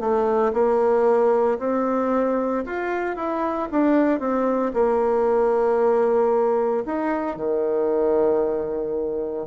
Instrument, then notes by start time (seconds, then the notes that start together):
bassoon
0.00 A3
0.54 A#3
1.59 C4
2.66 F4
3.16 E4
3.71 D4
4.20 C4
4.74 A#3
6.86 D#4
7.37 D#3